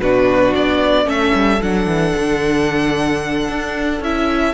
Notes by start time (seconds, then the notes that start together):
0.00 B2 D4 F#4 B4
0.56 B3 D5
1.06 A3 C#4 A4 E5
1.35 G3
1.62 F#3 D4 F#5
1.87 E3
2.17 D3
3.49 D4
4.01 C#4 E4 E5